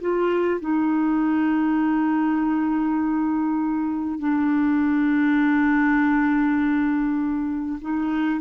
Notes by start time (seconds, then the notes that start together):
0.00 F4
0.60 D#4
4.19 D4
7.81 D#4